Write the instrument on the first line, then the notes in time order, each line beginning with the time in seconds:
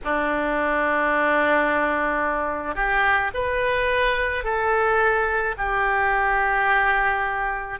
oboe
0.04 D4
2.75 G4
3.33 B4
4.43 A4
5.57 G4